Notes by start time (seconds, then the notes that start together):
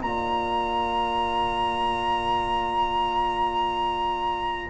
0.00 A#3 F4 D5 A#5